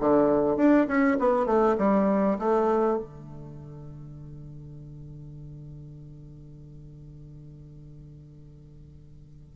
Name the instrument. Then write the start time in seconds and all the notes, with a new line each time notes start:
bassoon
0.00 D3
0.57 D4
0.88 C#4
1.19 B3
1.46 A3
1.78 G3
2.39 A3
2.98 D3